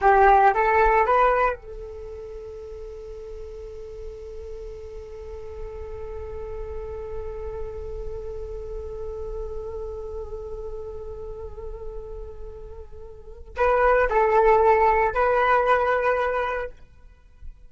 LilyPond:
\new Staff \with { instrumentName = "flute" } { \time 4/4 \tempo 4 = 115 g'4 a'4 b'4 a'4~ | a'1~ | a'1~ | a'1~ |
a'1~ | a'1~ | a'2 b'4 a'4~ | a'4 b'2. | }